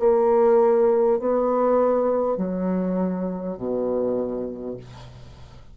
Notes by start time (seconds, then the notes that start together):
0.00 A#3
1.19 B3
2.37 F#3
3.58 B2